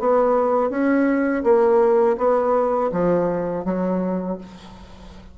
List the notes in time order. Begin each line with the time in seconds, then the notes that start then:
0.00 B3
0.71 C#4
1.44 A#3
2.18 B3
2.92 F3
3.65 F#3